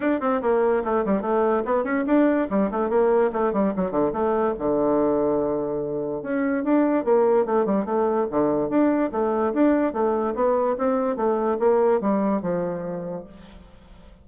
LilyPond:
\new Staff \with { instrumentName = "bassoon" } { \time 4/4 \tempo 4 = 145 d'8 c'8 ais4 a8 g8 a4 | b8 cis'8 d'4 g8 a8 ais4 | a8 g8 fis8 d8 a4 d4~ | d2. cis'4 |
d'4 ais4 a8 g8 a4 | d4 d'4 a4 d'4 | a4 b4 c'4 a4 | ais4 g4 f2 | }